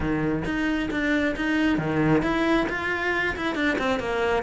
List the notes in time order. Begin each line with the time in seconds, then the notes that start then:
0.00 D#3
0.44 D#4
0.91 D4
1.36 D#4
1.78 D#3
2.22 E4
2.69 F4
3.36 E4
3.55 D4
3.78 C4
3.99 A#3